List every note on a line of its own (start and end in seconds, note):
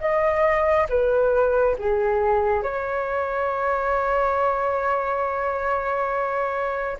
0.00 0.87 D#5
0.89 1.76 B4
1.78 2.63 G#4
2.63 6.98 C#5